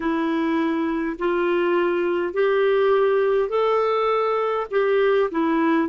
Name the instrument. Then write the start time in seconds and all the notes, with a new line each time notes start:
clarinet
0.00 E4
1.18 F4
2.33 G4
3.49 A4
4.71 G4
5.31 E4